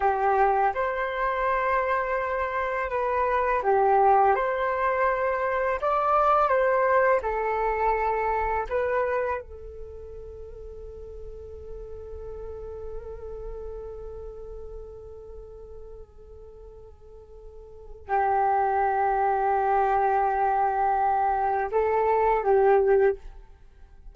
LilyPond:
\new Staff \with { instrumentName = "flute" } { \time 4/4 \tempo 4 = 83 g'4 c''2. | b'4 g'4 c''2 | d''4 c''4 a'2 | b'4 a'2.~ |
a'1~ | a'1~ | a'4 g'2.~ | g'2 a'4 g'4 | }